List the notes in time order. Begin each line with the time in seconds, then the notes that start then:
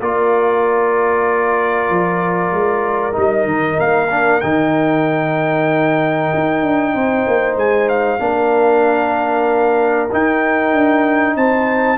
0.00 A#3 F4 A#4 D5
1.89 F3
2.51 G#3
3.12 G3 D#4 D#5
3.45 D#3
3.79 A#3 F5
4.10 D4
4.40 D#3 D#4 G5
6.34 D#4
6.62 D4
6.94 C4 C5
7.27 A#3
7.55 G#3 G#5
7.88 F5
8.19 A#3 D4 A#4
10.11 D#4 G5
10.73 D4
11.36 C4 C5 A5